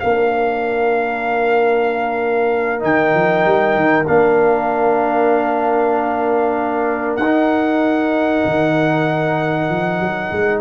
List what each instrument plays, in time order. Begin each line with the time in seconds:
0.00 tuba A#3, trombone D4, horn A#4, trumpet F5
2.79 tuba D#3, trombone D#4, trumpet G5
3.14 tuba F3
3.45 tuba G3
3.75 tuba D#3
4.07 tuba A#3, trombone D4, trumpet F5
7.16 tuba D#4, trumpet F#5
7.24 trombone D#4
8.45 tuba D#3
9.70 tuba F3
10.00 tuba F#3
10.31 tuba G#3